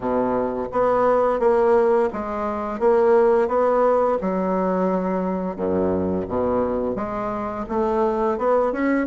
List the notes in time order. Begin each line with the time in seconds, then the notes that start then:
0.00 B2
0.72 B3
1.39 A#3
2.12 G#3
2.79 A#3
3.48 B3
4.21 F#3
5.56 F#2
6.27 B2
6.95 G#3
7.68 A3
8.38 B3
8.72 C#4